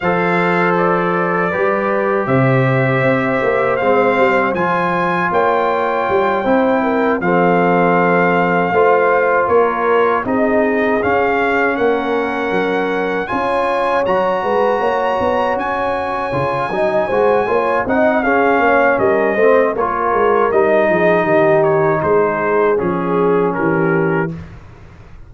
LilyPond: <<
  \new Staff \with { instrumentName = "trumpet" } { \time 4/4 \tempo 4 = 79 f''4 d''2 e''4~ | e''4 f''4 gis''4 g''4~ | g''4. f''2~ f''8~ | f''8 cis''4 dis''4 f''4 fis''8~ |
fis''4. gis''4 ais''4.~ | ais''8 gis''2. fis''8 | f''4 dis''4 cis''4 dis''4~ | dis''8 cis''8 c''4 gis'4 ais'4 | }
  \new Staff \with { instrumentName = "horn" } { \time 4/4 c''2 b'4 c''4~ | c''2. cis''4~ | cis''8 c''8 ais'8 a'2 c''8~ | c''8 ais'4 gis'2 ais'8~ |
ais'4. cis''4. b'8 cis''8~ | cis''2 dis''8 c''8 cis''8 dis''8 | gis'8 cis''8 ais'8 c''8 ais'4. gis'8 | g'4 gis'2 g'4 | }
  \new Staff \with { instrumentName = "trombone" } { \time 4/4 a'2 g'2~ | g'4 c'4 f'2~ | f'8 e'4 c'2 f'8~ | f'4. dis'4 cis'4.~ |
cis'4. f'4 fis'4.~ | fis'4. f'8 dis'8 fis'8 f'8 dis'8 | cis'4. c'8 f'4 dis'4~ | dis'2 cis'2 | }
  \new Staff \with { instrumentName = "tuba" } { \time 4/4 f2 g4 c4 | c'8 ais8 gis8 g8 f4 ais4 | g8 c'4 f2 a8~ | a8 ais4 c'4 cis'4 ais8~ |
ais8 fis4 cis'4 fis8 gis8 ais8 | b8 cis'4 cis8 fis8 gis8 ais8 c'8 | cis'8 ais8 g8 a8 ais8 gis8 g8 f8 | dis4 gis4 f4 e4 | }
>>